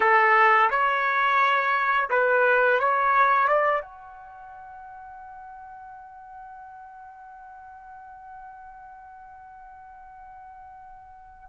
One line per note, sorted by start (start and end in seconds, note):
0.00 0.69 A4
0.70 2.09 C#5
2.10 2.79 B4
2.79 3.47 C#5
3.47 3.82 D5
3.82 11.49 F#5